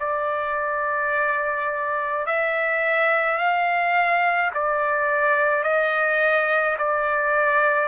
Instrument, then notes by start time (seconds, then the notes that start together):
trumpet
0.00 D5
2.27 E5
3.39 F5
4.55 D5
5.64 D#5
6.79 D5